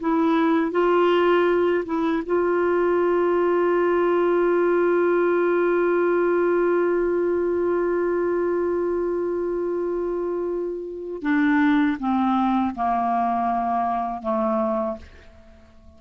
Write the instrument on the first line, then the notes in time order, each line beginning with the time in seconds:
clarinet
0.00 E4
0.72 F4
1.85 E4
2.26 F4
11.22 D4
11.99 C4
12.75 A#3
14.22 A3